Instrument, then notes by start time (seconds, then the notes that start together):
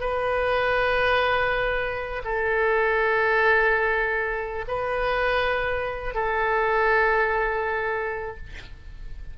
oboe
0.00 B4
2.25 A4
4.67 B4
6.14 A4